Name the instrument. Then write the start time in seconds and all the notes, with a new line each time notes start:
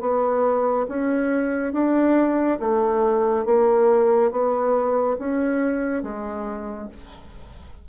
bassoon
0.00 B3
0.88 C#4
1.73 D4
2.59 A3
3.45 A#3
4.31 B3
5.18 C#4
6.02 G#3